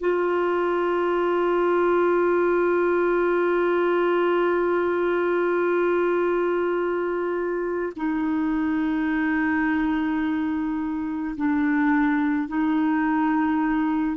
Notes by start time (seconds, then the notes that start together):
0.00 F4
7.96 D#4
11.37 D4
12.48 D#4